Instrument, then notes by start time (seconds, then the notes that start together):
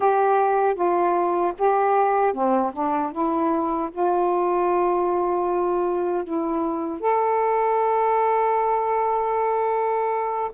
saxophone
0.00 G4
0.74 F4
1.58 G4
2.33 C4
2.73 D4
3.12 E4
3.91 F4
6.24 E4
7.00 A4